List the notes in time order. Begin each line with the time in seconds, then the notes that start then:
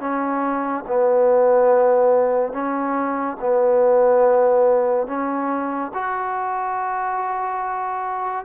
0.00 C#4
0.88 B3
2.53 C#4
3.41 B3
5.07 C#4
5.94 F#4